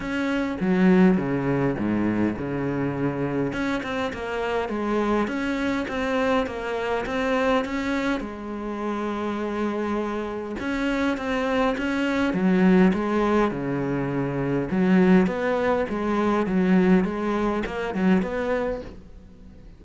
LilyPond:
\new Staff \with { instrumentName = "cello" } { \time 4/4 \tempo 4 = 102 cis'4 fis4 cis4 gis,4 | cis2 cis'8 c'8 ais4 | gis4 cis'4 c'4 ais4 | c'4 cis'4 gis2~ |
gis2 cis'4 c'4 | cis'4 fis4 gis4 cis4~ | cis4 fis4 b4 gis4 | fis4 gis4 ais8 fis8 b4 | }